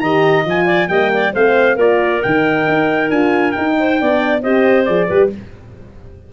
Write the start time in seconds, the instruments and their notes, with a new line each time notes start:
0.00 tuba D#3, horn G4, clarinet D#5, trumpet A#5
0.44 tuba F3, horn F4, trumpet G#5
0.66 clarinet D5
0.88 tuba G3, horn A#3, clarinet D#5, trumpet G5
1.14 clarinet D5
1.33 tuba A3, horn C4, clarinet C5, trumpet F5
1.76 tuba A#3, horn F4, clarinet A#4, trumpet D5
2.22 tuba D#3, horn D#4, trumpet G5
2.68 tuba D#4
3.10 tuba D4, horn F4, trumpet G#5
3.52 horn D#4, tuba D#4, trumpet G5
3.79 clarinet C5
3.99 tuba B3, horn D4, clarinet D5
4.42 tuba C4, horn G4, clarinet C5, trumpet D#5
4.85 tuba F3, horn G#4, trumpet D5
5.08 tuba G3, horn G4, clarinet B4